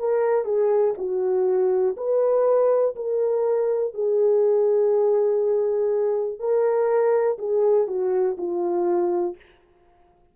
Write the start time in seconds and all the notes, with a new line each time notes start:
0.00 A#4
0.45 G#4
0.98 F#4
1.97 B4
2.96 A#4
3.94 G#4
6.39 A#4
7.39 G#4
7.88 F#4
8.38 F4